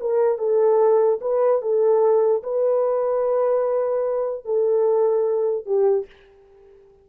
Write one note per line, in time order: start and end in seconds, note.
0.00 0.38 A#4
0.38 1.19 A4
1.21 1.61 B4
1.61 2.43 A4
2.43 4.45 B4
4.45 5.65 A4
5.65 6.06 G4